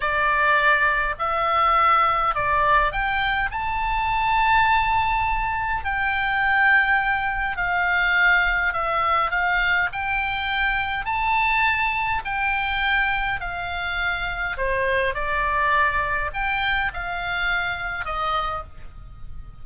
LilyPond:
\new Staff \with { instrumentName = "oboe" } { \time 4/4 \tempo 4 = 103 d''2 e''2 | d''4 g''4 a''2~ | a''2 g''2~ | g''4 f''2 e''4 |
f''4 g''2 a''4~ | a''4 g''2 f''4~ | f''4 c''4 d''2 | g''4 f''2 dis''4 | }